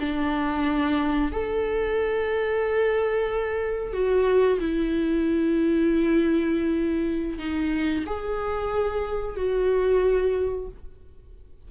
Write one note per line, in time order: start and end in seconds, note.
0.00 1.32 D4
1.32 3.94 A4
3.94 4.59 F#4
4.60 7.39 E4
7.39 8.05 D#4
8.07 9.37 G#4
9.37 10.68 F#4